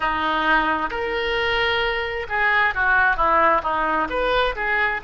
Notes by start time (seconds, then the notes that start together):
0.00 D#4
0.90 A#4
2.29 G#4
2.74 F#4
3.16 E4
3.62 D#4
4.09 B4
4.55 G#4